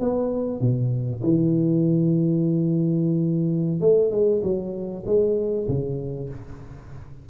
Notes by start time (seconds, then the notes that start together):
0.00 B3
0.61 B2
1.23 E3
3.80 A3
4.11 G#3
4.43 F#3
5.06 G#3
5.69 C#3